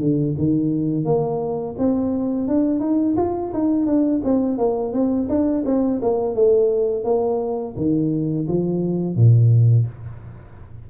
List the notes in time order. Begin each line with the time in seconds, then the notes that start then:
0.00 D3
0.38 D#3
1.05 A#3
1.78 C4
2.48 D4
2.80 D#4
3.17 F4
3.54 D#4
3.86 D4
4.24 C4
4.58 A#3
4.93 C4
5.29 D4
5.65 C4
6.02 A#3
6.35 A3
7.04 A#3
7.77 D#3
8.48 F3
9.16 A#2